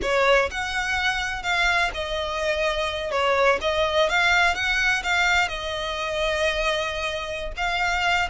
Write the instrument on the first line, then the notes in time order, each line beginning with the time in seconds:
violin
0.01 C#5
0.50 F#5
1.42 F5
1.93 D#5
3.11 C#5
3.61 D#5
4.09 F5
4.54 F#5
5.03 F5
5.48 D#5
7.56 F5